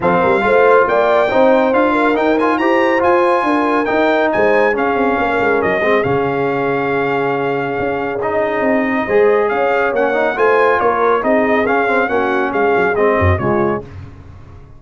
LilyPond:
<<
  \new Staff \with { instrumentName = "trumpet" } { \time 4/4 \tempo 4 = 139 f''2 g''2 | f''4 g''8 gis''8 ais''4 gis''4~ | gis''4 g''4 gis''4 f''4~ | f''4 dis''4 f''2~ |
f''2. dis''4~ | dis''2 f''4 fis''4 | gis''4 cis''4 dis''4 f''4 | fis''4 f''4 dis''4 cis''4 | }
  \new Staff \with { instrumentName = "horn" } { \time 4/4 a'8 ais'8 c''4 d''4 c''4~ | c''8 ais'4. c''2 | ais'2 c''4 gis'4 | ais'4. gis'2~ gis'8~ |
gis'1~ | gis'4 c''4 cis''2 | c''4 ais'4 gis'2 | fis'4 gis'4. fis'8 f'4 | }
  \new Staff \with { instrumentName = "trombone" } { \time 4/4 c'4 f'2 dis'4 | f'4 dis'8 f'8 g'4 f'4~ | f'4 dis'2 cis'4~ | cis'4. c'8 cis'2~ |
cis'2. dis'4~ | dis'4 gis'2 cis'8 dis'8 | f'2 dis'4 cis'8 c'8 | cis'2 c'4 gis4 | }
  \new Staff \with { instrumentName = "tuba" } { \time 4/4 f8 g8 a4 ais4 c'4 | d'4 dis'4 e'4 f'4 | d'4 dis'4 gis4 cis'8 c'8 | ais8 gis8 fis8 gis8 cis2~ |
cis2 cis'2 | c'4 gis4 cis'4 ais4 | a4 ais4 c'4 cis'4 | ais4 gis8 fis8 gis8 fis,8 cis4 | }
>>